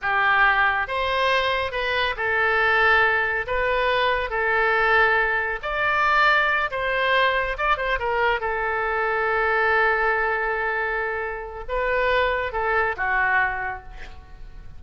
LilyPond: \new Staff \with { instrumentName = "oboe" } { \time 4/4 \tempo 4 = 139 g'2 c''2 | b'4 a'2. | b'2 a'2~ | a'4 d''2~ d''8 c''8~ |
c''4. d''8 c''8 ais'4 a'8~ | a'1~ | a'2. b'4~ | b'4 a'4 fis'2 | }